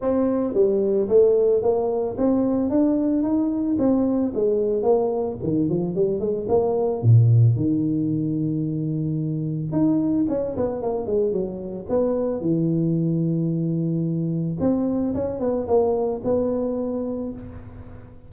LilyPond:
\new Staff \with { instrumentName = "tuba" } { \time 4/4 \tempo 4 = 111 c'4 g4 a4 ais4 | c'4 d'4 dis'4 c'4 | gis4 ais4 dis8 f8 g8 gis8 | ais4 ais,4 dis2~ |
dis2 dis'4 cis'8 b8 | ais8 gis8 fis4 b4 e4~ | e2. c'4 | cis'8 b8 ais4 b2 | }